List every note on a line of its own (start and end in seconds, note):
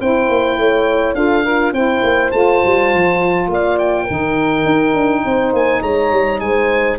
0.00 0.29 C4
0.00 1.15 E4
0.00 0.59 C5
0.00 1.15 G5
0.29 0.58 A#3
0.58 1.14 A3
0.58 1.17 C#5
1.14 1.72 D4
1.14 1.43 F4
1.14 1.46 A4
1.14 1.73 F5
1.43 1.75 F4
1.43 1.72 A#4
1.72 2.01 C4
1.72 2.32 E4
1.72 3.49 C5
1.72 2.31 G5
2.03 2.32 A#3
2.31 2.62 A3
2.31 4.07 F4
2.31 3.48 A5
2.65 2.94 G3
2.94 3.48 F3
3.48 4.06 A#3
3.48 4.04 D5
3.48 3.78 F5
3.78 5.53 G5
4.04 6.98 D#4
4.04 5.21 A#4
4.10 4.65 D#3
4.65 4.94 D#4
4.94 5.23 D4
5.25 5.53 C4
5.25 5.81 C5
5.53 5.82 A#3
5.53 5.83 G#5
5.81 6.11 G#3
5.81 6.40 C#5
5.81 6.40 A#5
6.11 6.40 G3
6.40 6.99 G#3
6.40 6.99 C5
6.40 6.98 G#5